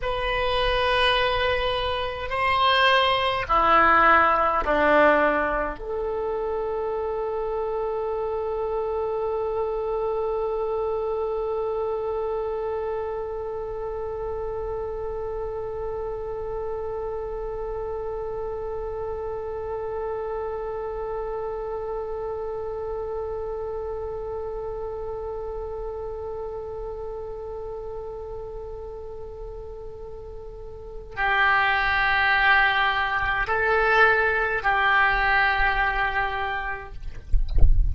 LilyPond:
\new Staff \with { instrumentName = "oboe" } { \time 4/4 \tempo 4 = 52 b'2 c''4 e'4 | d'4 a'2.~ | a'1~ | a'1~ |
a'1~ | a'1~ | a'2. g'4~ | g'4 a'4 g'2 | }